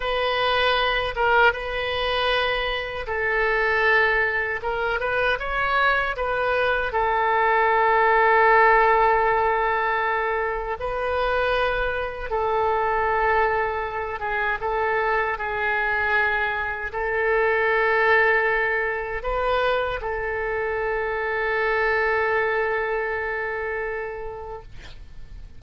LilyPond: \new Staff \with { instrumentName = "oboe" } { \time 4/4 \tempo 4 = 78 b'4. ais'8 b'2 | a'2 ais'8 b'8 cis''4 | b'4 a'2.~ | a'2 b'2 |
a'2~ a'8 gis'8 a'4 | gis'2 a'2~ | a'4 b'4 a'2~ | a'1 | }